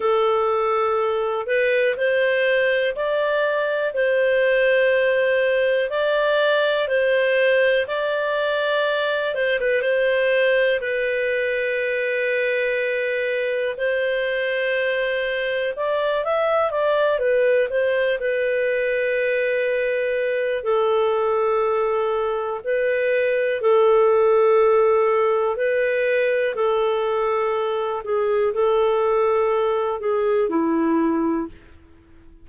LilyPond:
\new Staff \with { instrumentName = "clarinet" } { \time 4/4 \tempo 4 = 61 a'4. b'8 c''4 d''4 | c''2 d''4 c''4 | d''4. c''16 b'16 c''4 b'4~ | b'2 c''2 |
d''8 e''8 d''8 b'8 c''8 b'4.~ | b'4 a'2 b'4 | a'2 b'4 a'4~ | a'8 gis'8 a'4. gis'8 e'4 | }